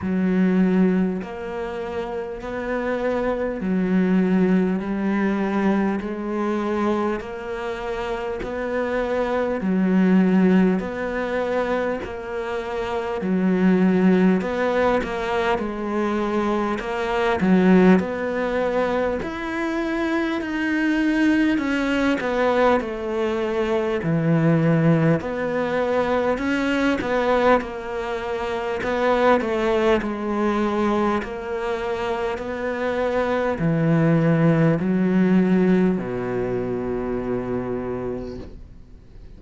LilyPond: \new Staff \with { instrumentName = "cello" } { \time 4/4 \tempo 4 = 50 fis4 ais4 b4 fis4 | g4 gis4 ais4 b4 | fis4 b4 ais4 fis4 | b8 ais8 gis4 ais8 fis8 b4 |
e'4 dis'4 cis'8 b8 a4 | e4 b4 cis'8 b8 ais4 | b8 a8 gis4 ais4 b4 | e4 fis4 b,2 | }